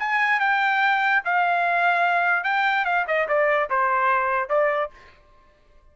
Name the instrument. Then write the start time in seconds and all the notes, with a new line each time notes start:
trumpet
0.00 G#5
0.40 G5
1.25 F5
2.44 G5
2.85 F5
3.08 D#5
3.28 D5
3.70 C5
4.49 D5